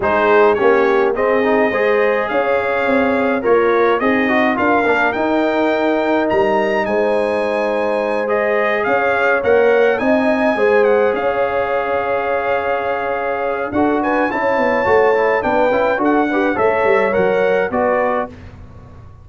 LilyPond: <<
  \new Staff \with { instrumentName = "trumpet" } { \time 4/4 \tempo 4 = 105 c''4 cis''4 dis''2 | f''2 cis''4 dis''4 | f''4 g''2 ais''4 | gis''2~ gis''8 dis''4 f''8~ |
f''8 fis''4 gis''4. fis''8 f''8~ | f''1 | fis''8 gis''8 a''2 g''4 | fis''4 e''4 fis''4 d''4 | }
  \new Staff \with { instrumentName = "horn" } { \time 4/4 gis'4 g'4 gis'4 c''4 | cis''2 f'4 dis'4 | ais'1 | c''2.~ c''8 cis''8~ |
cis''4. dis''4 c''4 cis''8~ | cis''1 | a'8 b'8 cis''2 b'4 | a'8 b'8 cis''2 b'4 | }
  \new Staff \with { instrumentName = "trombone" } { \time 4/4 dis'4 cis'4 c'8 dis'8 gis'4~ | gis'2 ais'4 gis'8 fis'8 | f'8 d'8 dis'2.~ | dis'2~ dis'8 gis'4.~ |
gis'8 ais'4 dis'4 gis'4.~ | gis'1 | fis'4 e'4 fis'8 e'8 d'8 e'8 | fis'8 g'8 a'4 ais'4 fis'4 | }
  \new Staff \with { instrumentName = "tuba" } { \time 4/4 gis4 ais4 c'4 gis4 | cis'4 c'4 ais4 c'4 | d'8 ais8 dis'2 g4 | gis2.~ gis8 cis'8~ |
cis'8 ais4 c'4 gis4 cis'8~ | cis'1 | d'4 cis'8 b8 a4 b8 cis'8 | d'4 a8 g8 fis4 b4 | }
>>